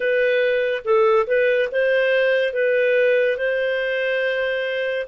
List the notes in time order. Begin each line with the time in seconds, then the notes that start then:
0.00 B4
0.84 A4
1.26 B4
1.71 C5
2.53 B4
3.37 C5